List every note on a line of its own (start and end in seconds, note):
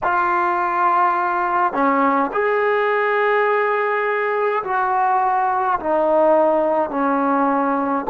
0.03 1.73 F4
1.73 2.31 C#4
2.32 4.63 G#4
4.63 5.78 F#4
5.80 6.90 D#4
6.90 8.05 C#4